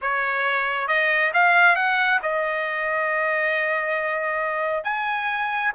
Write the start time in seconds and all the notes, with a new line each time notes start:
0.01 C#5
0.87 D#5
1.33 F5
1.75 F#5
2.22 D#5
4.84 G#5